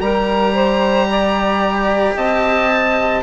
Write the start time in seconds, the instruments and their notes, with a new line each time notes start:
0.00 bassoon G3, cello G4, saxophone A#4, oboe A#5
0.54 saxophone C5
1.09 saxophone D5
2.16 bassoon C4, saxophone D#5, oboe A5